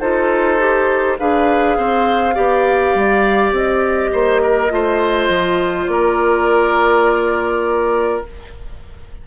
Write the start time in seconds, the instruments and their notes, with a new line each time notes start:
0.00 bassoon D#4, clarinet F4, oboe A4, flute C5
0.59 clarinet G4
1.19 bassoon D4, clarinet G#4, oboe B4, flute F5
1.77 bassoon C4, oboe C5
2.35 bassoon B3, clarinet G4, oboe D5
2.95 bassoon G3
3.52 bassoon C4, flute D#5
4.12 bassoon A#3, oboe C5
4.43 oboe A#4
4.70 bassoon A3, clarinet F4, oboe C5
5.29 bassoon F3
5.87 bassoon A#3, oboe A#4, flute D5